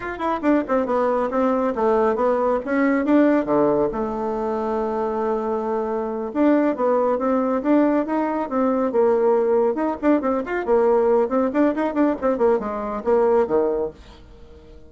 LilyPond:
\new Staff \with { instrumentName = "bassoon" } { \time 4/4 \tempo 4 = 138 f'8 e'8 d'8 c'8 b4 c'4 | a4 b4 cis'4 d'4 | d4 a2.~ | a2~ a8 d'4 b8~ |
b8 c'4 d'4 dis'4 c'8~ | c'8 ais2 dis'8 d'8 c'8 | f'8 ais4. c'8 d'8 dis'8 d'8 | c'8 ais8 gis4 ais4 dis4 | }